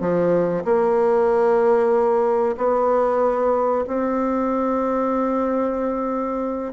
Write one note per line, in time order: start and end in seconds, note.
0.00 0.64 F3
0.64 2.56 A#3
2.57 3.85 B3
3.87 6.73 C4